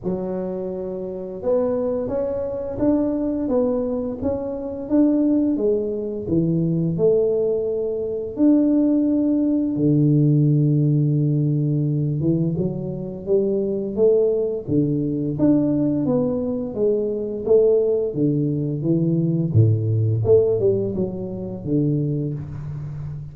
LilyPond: \new Staff \with { instrumentName = "tuba" } { \time 4/4 \tempo 4 = 86 fis2 b4 cis'4 | d'4 b4 cis'4 d'4 | gis4 e4 a2 | d'2 d2~ |
d4. e8 fis4 g4 | a4 d4 d'4 b4 | gis4 a4 d4 e4 | a,4 a8 g8 fis4 d4 | }